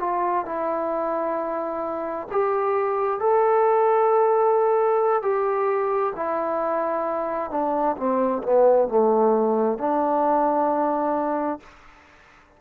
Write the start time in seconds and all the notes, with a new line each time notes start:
0.00 F4
0.46 E4
2.31 G4
3.20 A4
5.22 G4
6.16 E4
7.51 D4
7.97 C4
8.43 B3
8.88 A3
9.79 D4